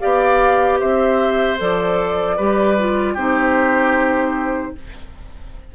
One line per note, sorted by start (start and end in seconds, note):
0.00 0.82 B3
0.00 1.58 G4
0.00 0.79 D5
0.00 0.79 F5
0.79 1.61 C4
0.79 2.36 C5
0.79 1.58 E5
1.58 2.38 F3
1.58 2.37 A4
1.58 3.17 D5
2.36 3.16 G3
2.36 2.78 G4
2.36 3.14 B4
2.79 3.17 F4
3.14 4.74 C4
3.14 4.75 D#4
3.14 4.72 G4
3.14 4.75 C5